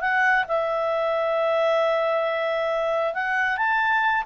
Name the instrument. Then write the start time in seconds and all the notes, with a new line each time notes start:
clarinet
0.00 F#5
0.48 E5
3.14 F#5
3.57 A5